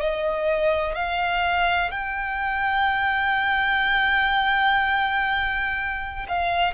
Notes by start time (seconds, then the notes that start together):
0.00 D#5
0.95 F5
1.91 G5
6.28 F5